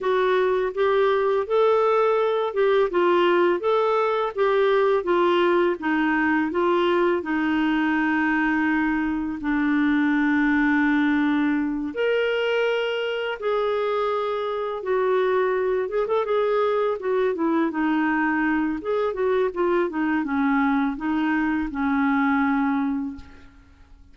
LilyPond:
\new Staff \with { instrumentName = "clarinet" } { \time 4/4 \tempo 4 = 83 fis'4 g'4 a'4. g'8 | f'4 a'4 g'4 f'4 | dis'4 f'4 dis'2~ | dis'4 d'2.~ |
d'8 ais'2 gis'4.~ | gis'8 fis'4. gis'16 a'16 gis'4 fis'8 | e'8 dis'4. gis'8 fis'8 f'8 dis'8 | cis'4 dis'4 cis'2 | }